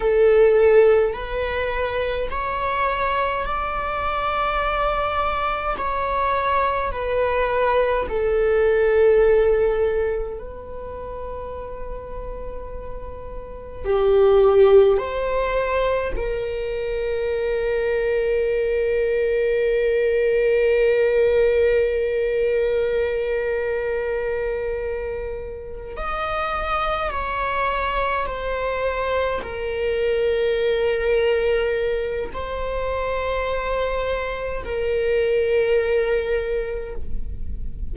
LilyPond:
\new Staff \with { instrumentName = "viola" } { \time 4/4 \tempo 4 = 52 a'4 b'4 cis''4 d''4~ | d''4 cis''4 b'4 a'4~ | a'4 b'2. | g'4 c''4 ais'2~ |
ais'1~ | ais'2~ ais'8 dis''4 cis''8~ | cis''8 c''4 ais'2~ ais'8 | c''2 ais'2 | }